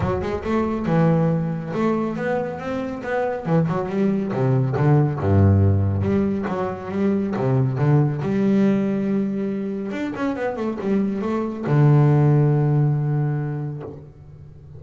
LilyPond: \new Staff \with { instrumentName = "double bass" } { \time 4/4 \tempo 4 = 139 fis8 gis8 a4 e2 | a4 b4 c'4 b4 | e8 fis8 g4 c4 d4 | g,2 g4 fis4 |
g4 c4 d4 g4~ | g2. d'8 cis'8 | b8 a8 g4 a4 d4~ | d1 | }